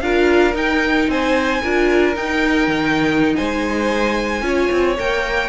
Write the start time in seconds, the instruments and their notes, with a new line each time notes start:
0.00 cello D4, viola F4, violin A#4 F5
0.53 viola D#4, cello D#4, violin G5
1.07 cello C4, violin C5 G#5
1.61 cello D4, viola F4, violin A#4
2.15 viola D#4, cello D#4, violin G5
2.67 cello D#3
3.35 cello G#3, violin C5 G#5
4.41 cello C#4, viola F4, violin C#5
4.71 cello C4
4.97 cello A#3, viola A#4, violin G5